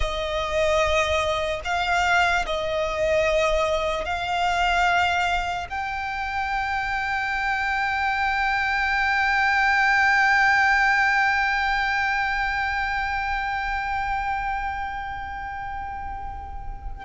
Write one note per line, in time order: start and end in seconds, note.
0.00 1.60 D#5
1.64 2.45 F5
2.45 4.04 D#5
4.04 5.66 F5
5.69 17.04 G5